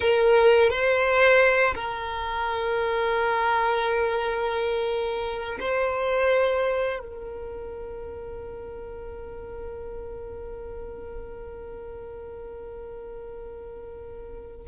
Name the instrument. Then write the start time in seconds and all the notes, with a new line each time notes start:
violin
0.00 A#4
0.69 C5
1.74 A#4
5.59 C5
6.99 A#4